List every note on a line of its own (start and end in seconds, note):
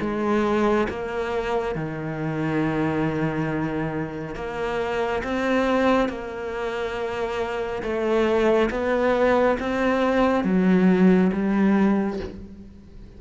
0.00 0.87 G#3
0.89 1.75 A#3
1.75 4.35 D#3
4.35 5.22 A#3
5.23 6.08 C4
6.08 7.82 A#3
7.82 8.69 A3
8.70 9.57 B3
9.59 10.43 C4
10.43 11.30 F#3
11.32 12.19 G3